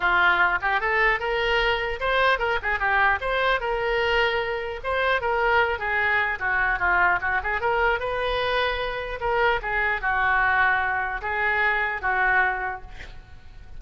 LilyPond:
\new Staff \with { instrumentName = "oboe" } { \time 4/4 \tempo 4 = 150 f'4. g'8 a'4 ais'4~ | ais'4 c''4 ais'8 gis'8 g'4 | c''4 ais'2. | c''4 ais'4. gis'4. |
fis'4 f'4 fis'8 gis'8 ais'4 | b'2. ais'4 | gis'4 fis'2. | gis'2 fis'2 | }